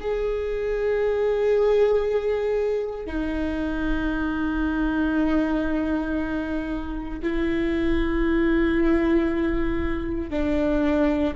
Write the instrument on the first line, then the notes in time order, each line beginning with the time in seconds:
viola
0.00 G#4
3.06 D#4
7.23 E4
10.30 D4